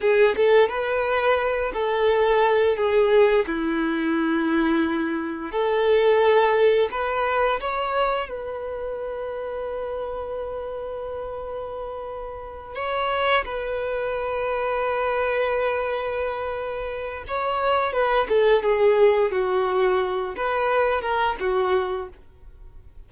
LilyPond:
\new Staff \with { instrumentName = "violin" } { \time 4/4 \tempo 4 = 87 gis'8 a'8 b'4. a'4. | gis'4 e'2. | a'2 b'4 cis''4 | b'1~ |
b'2~ b'8 cis''4 b'8~ | b'1~ | b'4 cis''4 b'8 a'8 gis'4 | fis'4. b'4 ais'8 fis'4 | }